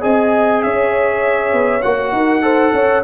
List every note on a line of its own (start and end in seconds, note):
0.00 0.63 C4
0.00 1.80 G#4
0.00 0.61 D#5
0.00 0.62 G#5
0.62 1.52 C#4
0.62 2.15 C#5
0.62 1.82 E5
1.52 1.82 B3
1.82 2.11 A#3
1.82 2.41 F#4
1.82 3.02 F#5
2.11 2.71 D#4
2.11 2.43 A#4
2.41 3.01 A4
2.41 2.73 C5
2.73 3.03 C#4
2.73 3.03 C#5